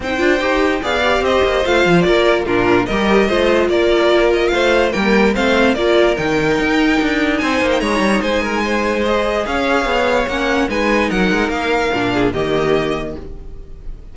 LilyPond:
<<
  \new Staff \with { instrumentName = "violin" } { \time 4/4 \tempo 4 = 146 g''2 f''4 dis''4 | f''4 d''4 ais'4 dis''4~ | dis''4 d''4. dis''8 f''4 | g''4 f''4 d''4 g''4~ |
g''2 gis''8. g''16 ais''4 | gis''2 dis''4 f''4~ | f''4 fis''4 gis''4 fis''4 | f''2 dis''2 | }
  \new Staff \with { instrumentName = "violin" } { \time 4/4 c''2 d''4 c''4~ | c''4 ais'4 f'4 ais'4 | c''4 ais'2 c''4 | ais'4 c''4 ais'2~ |
ais'2 c''4 cis''4 | c''8 ais'8 c''2 cis''4~ | cis''2 b'4 ais'4~ | ais'4. gis'8 g'2 | }
  \new Staff \with { instrumentName = "viola" } { \time 4/4 dis'8 f'8 g'4 gis'8 g'4. | f'2 d'4 g'4 | f'1 | ais4 c'4 f'4 dis'4~ |
dis'1~ | dis'2 gis'2~ | gis'4 cis'4 dis'2~ | dis'4 d'4 ais2 | }
  \new Staff \with { instrumentName = "cello" } { \time 4/4 c'8 d'8 dis'4 b4 c'8 ais8 | a8 f8 ais4 ais,4 g4 | a4 ais2 a4 | g4 a4 ais4 dis4 |
dis'4 d'4 c'8 ais8 gis8 g8 | gis2. cis'4 | b4 ais4 gis4 fis8 gis8 | ais4 ais,4 dis2 | }
>>